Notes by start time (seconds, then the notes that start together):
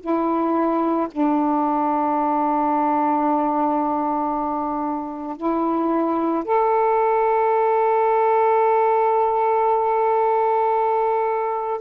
0.00 E4
1.11 D4
5.37 E4
6.44 A4